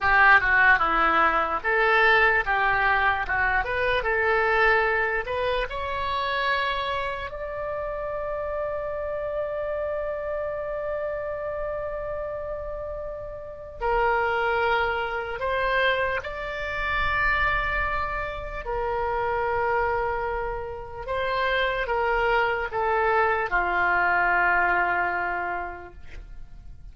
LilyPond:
\new Staff \with { instrumentName = "oboe" } { \time 4/4 \tempo 4 = 74 g'8 fis'8 e'4 a'4 g'4 | fis'8 b'8 a'4. b'8 cis''4~ | cis''4 d''2.~ | d''1~ |
d''4 ais'2 c''4 | d''2. ais'4~ | ais'2 c''4 ais'4 | a'4 f'2. | }